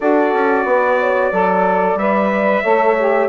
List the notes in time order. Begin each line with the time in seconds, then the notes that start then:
0.00 D4 F#4 A4 D5
0.33 C#4
0.64 B3 B4
0.99 C#5
1.31 F#3 A4 D5
1.95 G3 B4 E5
2.63 A3 A4 C#5
2.98 G4